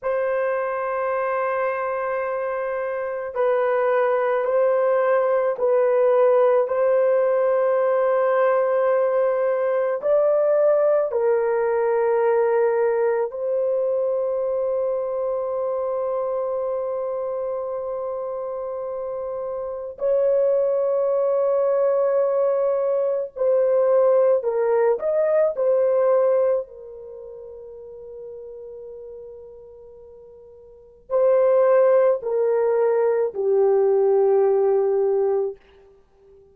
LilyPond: \new Staff \with { instrumentName = "horn" } { \time 4/4 \tempo 4 = 54 c''2. b'4 | c''4 b'4 c''2~ | c''4 d''4 ais'2 | c''1~ |
c''2 cis''2~ | cis''4 c''4 ais'8 dis''8 c''4 | ais'1 | c''4 ais'4 g'2 | }